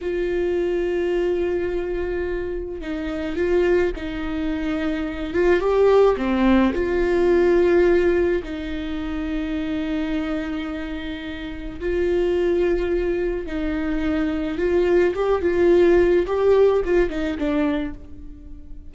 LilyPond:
\new Staff \with { instrumentName = "viola" } { \time 4/4 \tempo 4 = 107 f'1~ | f'4 dis'4 f'4 dis'4~ | dis'4. f'8 g'4 c'4 | f'2. dis'4~ |
dis'1~ | dis'4 f'2. | dis'2 f'4 g'8 f'8~ | f'4 g'4 f'8 dis'8 d'4 | }